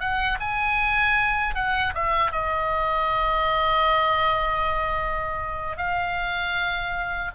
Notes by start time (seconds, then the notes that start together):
0.00 F#5
0.40 G#5
1.55 F#5
1.94 E5
2.32 D#5
5.77 F5